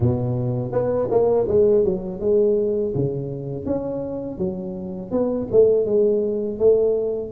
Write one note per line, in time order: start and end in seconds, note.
0.00 0.72 B2
0.72 1.08 B3
1.10 1.47 A#3
1.48 1.84 G#3
1.84 2.20 F#3
2.20 2.93 G#3
2.94 3.66 C#3
3.66 4.37 C#4
4.37 5.11 F#3
5.11 5.47 B3
5.51 5.85 A3
5.85 6.59 G#3
6.59 7.32 A3